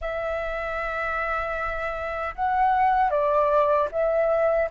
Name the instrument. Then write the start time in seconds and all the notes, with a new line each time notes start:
flute
0.01 E5
2.35 F#5
3.10 D5
3.91 E5